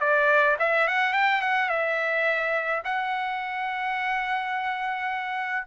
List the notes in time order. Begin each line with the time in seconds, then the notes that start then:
0.00 D5
0.59 E5
0.87 F#5
1.13 G5
1.42 F#5
1.69 E5
2.84 F#5